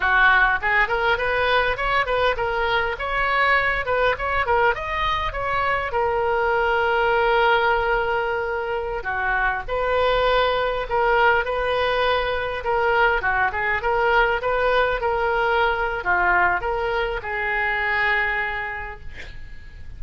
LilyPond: \new Staff \with { instrumentName = "oboe" } { \time 4/4 \tempo 4 = 101 fis'4 gis'8 ais'8 b'4 cis''8 b'8 | ais'4 cis''4. b'8 cis''8 ais'8 | dis''4 cis''4 ais'2~ | ais'2.~ ais'16 fis'8.~ |
fis'16 b'2 ais'4 b'8.~ | b'4~ b'16 ais'4 fis'8 gis'8 ais'8.~ | ais'16 b'4 ais'4.~ ais'16 f'4 | ais'4 gis'2. | }